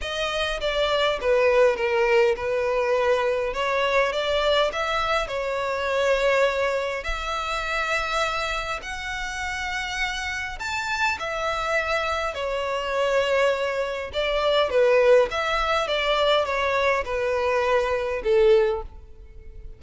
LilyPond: \new Staff \with { instrumentName = "violin" } { \time 4/4 \tempo 4 = 102 dis''4 d''4 b'4 ais'4 | b'2 cis''4 d''4 | e''4 cis''2. | e''2. fis''4~ |
fis''2 a''4 e''4~ | e''4 cis''2. | d''4 b'4 e''4 d''4 | cis''4 b'2 a'4 | }